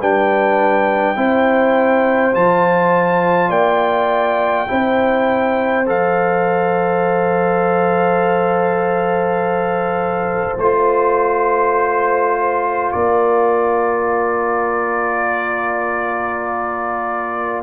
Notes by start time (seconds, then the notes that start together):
0.00 G3 D4 B4 G5
1.16 C4 E4 C5
2.34 F3 F4 A5
3.50 A#3 D5 G5
4.68 C4 E4 C5
5.87 F3 A4 F5
10.58 A3 F4 C5
12.92 A#3 A#4 D5